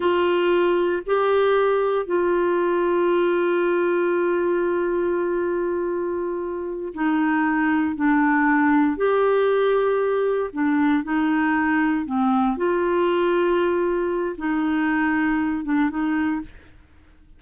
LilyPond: \new Staff \with { instrumentName = "clarinet" } { \time 4/4 \tempo 4 = 117 f'2 g'2 | f'1~ | f'1~ | f'4. dis'2 d'8~ |
d'4. g'2~ g'8~ | g'8 d'4 dis'2 c'8~ | c'8 f'2.~ f'8 | dis'2~ dis'8 d'8 dis'4 | }